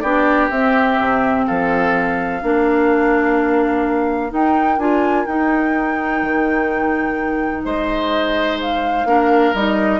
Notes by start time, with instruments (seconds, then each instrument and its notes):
0.00 bassoon B3, clarinet D4, oboe G4, flute D5
0.50 bassoon C4, clarinet C4, flute E5
0.99 bassoon C3
1.46 bassoon F3, oboe A4, flute F5
2.42 bassoon A#3, clarinet D4, oboe A#4
4.29 clarinet D#4, bassoon D#4, flute G5
4.78 bassoon D4, clarinet F4, flute G#5
5.25 clarinet D#4, bassoon D#4, flute G5
6.22 bassoon D#3
7.64 bassoon G#3, oboe C5, flute D#5
8.60 flute F5
9.05 bassoon A#3, clarinet D4, oboe A#4
9.53 bassoon G3, clarinet D#4, flute D#5